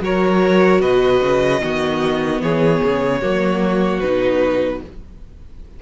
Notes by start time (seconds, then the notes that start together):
0.00 F#3 F#4 A#4 C#5
0.80 B2 B4 D#5
1.21 C#3
1.61 D#3 B3 F#4
2.41 E3 G#4 C#5
2.83 C#3
3.21 F#3 A#3 F#4
4.00 B2 D#4 B4